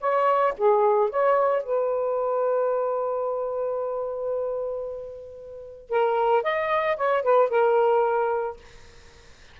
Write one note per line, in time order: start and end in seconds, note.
0.00 0.54 C#5
0.57 1.10 G#4
1.10 1.63 C#5
1.63 5.89 B4
5.89 6.43 A#4
6.43 6.96 D#5
6.96 7.22 C#5
7.22 7.49 B4
7.49 8.56 A#4